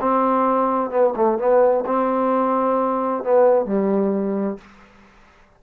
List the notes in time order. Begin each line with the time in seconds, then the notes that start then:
0.00 C4
0.90 B3
1.15 A3
1.38 B3
1.86 C4
3.23 B3
3.65 G3